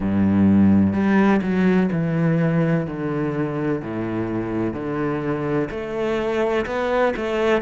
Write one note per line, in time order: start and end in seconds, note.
0.00 0.93 G2
0.93 1.40 G3
1.42 1.89 F#3
1.91 2.87 E3
2.87 3.81 D3
3.81 4.73 A2
4.73 5.68 D3
5.70 6.65 A3
6.65 7.13 B3
7.16 7.61 A3